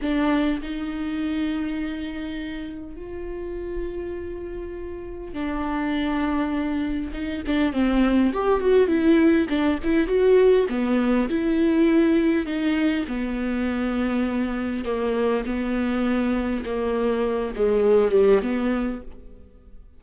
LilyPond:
\new Staff \with { instrumentName = "viola" } { \time 4/4 \tempo 4 = 101 d'4 dis'2.~ | dis'4 f'2.~ | f'4 d'2. | dis'8 d'8 c'4 g'8 fis'8 e'4 |
d'8 e'8 fis'4 b4 e'4~ | e'4 dis'4 b2~ | b4 ais4 b2 | ais4. gis4 g8 b4 | }